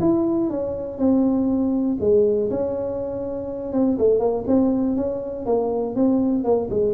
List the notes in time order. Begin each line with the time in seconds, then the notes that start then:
0.00 E4
0.50 C#4
0.98 C4
2.00 G#3
2.50 C#4
3.72 C4
3.98 A3
4.19 A#3
4.47 C4
4.96 C#4
5.46 A#3
5.95 C4
6.44 A#3
6.70 G#3